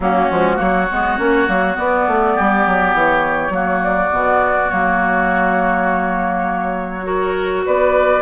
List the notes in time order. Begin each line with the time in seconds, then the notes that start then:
0.00 F#3 A#3 C#4 F#4
0.30 F3 G#3
0.56 F#3 A#3 F#4 C#5
0.91 G#3 B3
1.18 A#3 C#4
1.46 F#3 A#3
1.74 B3 D5
2.07 A3
2.35 G3 G4
2.66 F#3
2.93 E3 C#5
3.49 F#3 A#3 F#4
3.84 D5
4.11 B2 B3
4.69 F#3 A#3 C#5
7.03 F#4 A#4
7.65 B3 B4 D5